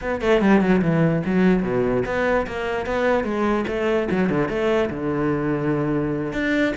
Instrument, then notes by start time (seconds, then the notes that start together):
cello
0.01 B3
0.21 A3
0.41 G3
0.60 F#3
0.81 E3
1.25 F#3
1.62 B2
2.05 B3
2.47 A#3
2.86 B3
3.24 G#3
3.67 A3
4.11 F#3
4.29 D3
4.48 A3
4.90 D3
6.33 D4